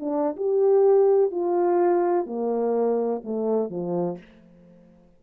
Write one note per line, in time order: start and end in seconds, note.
0.00 0.36 D4
0.37 1.31 G4
1.31 2.26 F4
2.26 3.22 A#3
3.24 3.70 A3
3.70 4.18 F3